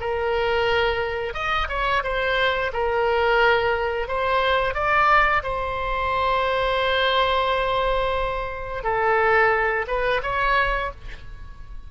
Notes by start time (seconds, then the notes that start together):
0.00 A#4
1.34 D#5
1.69 C#5
2.03 C5
2.73 A#4
4.08 C5
4.74 D5
5.43 C5
8.83 A4
9.87 B4
10.23 C#5